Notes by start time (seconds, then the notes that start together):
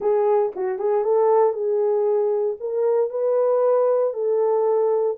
0.00 G#4
0.55 F#4
0.79 G#4
1.04 A4
1.53 G#4
2.60 A#4
3.10 B4
4.13 A4